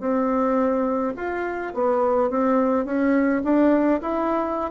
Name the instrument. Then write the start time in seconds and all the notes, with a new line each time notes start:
bassoon
0.00 C4
1.17 F4
1.74 B3
2.30 C4
2.85 C#4
3.44 D4
4.01 E4